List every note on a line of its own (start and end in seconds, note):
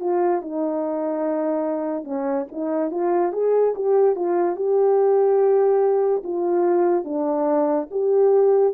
0.00 0.41 F4
0.41 2.04 D#4
2.04 2.45 C#4
2.52 2.91 D#4
2.91 3.32 F4
3.32 3.74 G#4
3.75 4.16 G4
4.16 4.56 F4
4.56 6.22 G4
6.23 7.04 F4
7.04 7.87 D4
7.91 8.74 G4